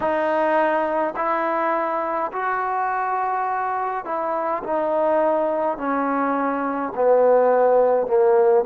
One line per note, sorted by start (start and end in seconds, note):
0.00 1.14 D#4
1.15 2.31 E4
2.32 4.04 F#4
4.04 4.62 E4
4.63 5.77 D#4
5.77 6.92 C#4
6.95 8.07 B3
8.07 8.64 A#3